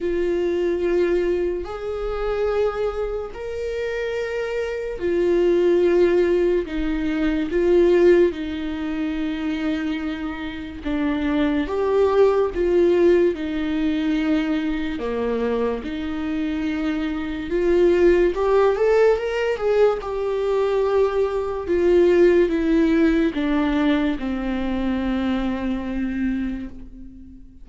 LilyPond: \new Staff \with { instrumentName = "viola" } { \time 4/4 \tempo 4 = 72 f'2 gis'2 | ais'2 f'2 | dis'4 f'4 dis'2~ | dis'4 d'4 g'4 f'4 |
dis'2 ais4 dis'4~ | dis'4 f'4 g'8 a'8 ais'8 gis'8 | g'2 f'4 e'4 | d'4 c'2. | }